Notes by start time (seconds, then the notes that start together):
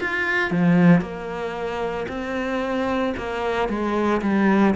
0.00 F4
0.51 F3
1.01 A#3
2.08 C4
3.17 A#3
3.68 G#3
4.22 G3